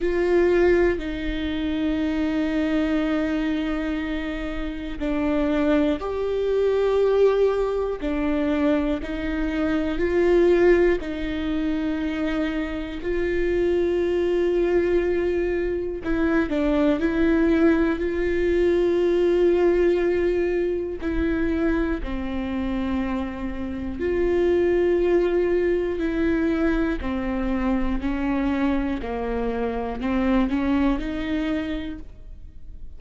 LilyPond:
\new Staff \with { instrumentName = "viola" } { \time 4/4 \tempo 4 = 60 f'4 dis'2.~ | dis'4 d'4 g'2 | d'4 dis'4 f'4 dis'4~ | dis'4 f'2. |
e'8 d'8 e'4 f'2~ | f'4 e'4 c'2 | f'2 e'4 c'4 | cis'4 ais4 c'8 cis'8 dis'4 | }